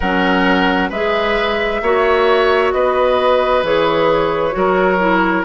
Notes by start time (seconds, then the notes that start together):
0.00 F#3 C#4 A#4 F#5
0.89 G#3 G#4 B4 E5
1.82 A#3 F#4 C#5
2.72 B3 B4 D#5
3.62 E3 G#4 C#5
4.51 F#3 F#4 A#4
4.99 E4